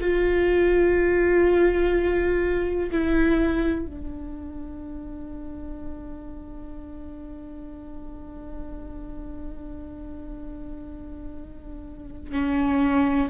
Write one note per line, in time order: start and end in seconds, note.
0.00 2.90 F4
2.91 3.86 E4
3.86 12.32 D4
12.32 13.28 C#4